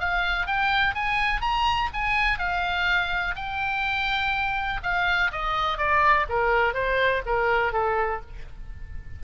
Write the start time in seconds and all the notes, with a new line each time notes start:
0.00 F5
0.47 G5
0.95 G#5
1.41 A#5
1.94 G#5
2.39 F5
3.36 G5
4.83 F5
5.32 D#5
5.78 D5
6.29 A#4
6.74 C5
7.26 A#4
7.73 A4